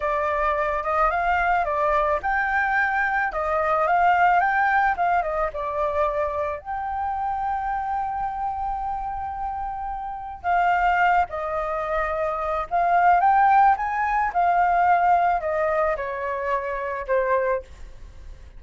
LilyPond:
\new Staff \with { instrumentName = "flute" } { \time 4/4 \tempo 4 = 109 d''4. dis''8 f''4 d''4 | g''2 dis''4 f''4 | g''4 f''8 dis''8 d''2 | g''1~ |
g''2. f''4~ | f''8 dis''2~ dis''8 f''4 | g''4 gis''4 f''2 | dis''4 cis''2 c''4 | }